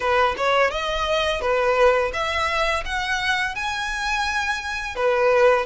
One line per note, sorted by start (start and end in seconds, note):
0.00 0.35 B4
0.37 0.71 C#5
0.71 1.41 D#5
1.41 2.11 B4
2.13 2.83 E5
2.85 3.55 F#5
3.55 4.95 G#5
4.95 5.65 B4